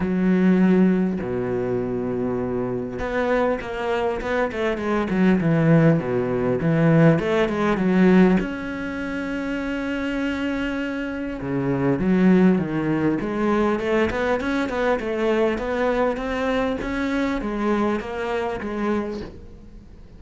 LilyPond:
\new Staff \with { instrumentName = "cello" } { \time 4/4 \tempo 4 = 100 fis2 b,2~ | b,4 b4 ais4 b8 a8 | gis8 fis8 e4 b,4 e4 | a8 gis8 fis4 cis'2~ |
cis'2. cis4 | fis4 dis4 gis4 a8 b8 | cis'8 b8 a4 b4 c'4 | cis'4 gis4 ais4 gis4 | }